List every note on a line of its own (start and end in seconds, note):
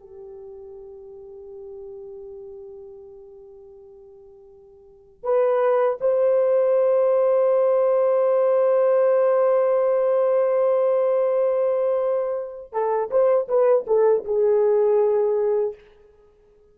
0.00 5.24 G4
5.24 5.99 B4
6.01 12.73 C5
12.73 13.10 A4
13.11 13.48 C5
13.48 13.86 B4
13.87 14.25 A4
14.25 15.75 G#4